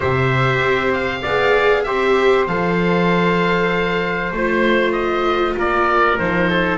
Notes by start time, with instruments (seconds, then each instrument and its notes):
0.00 double bass C3, viola G4, trumpet C5, oboe E5
0.60 double bass C4
0.93 oboe F5
1.22 double bass B3, viola G#4, trumpet D5
1.83 double bass C4, viola G4, trumpet C5, oboe E5
2.47 double bass F3, viola A4, oboe F5
4.31 double bass A3, viola F4, oboe C5
4.92 oboe D#5
5.56 double bass A#3, trumpet A#4, oboe D5
6.18 double bass F3, viola D#4, oboe C5
6.49 trumpet A4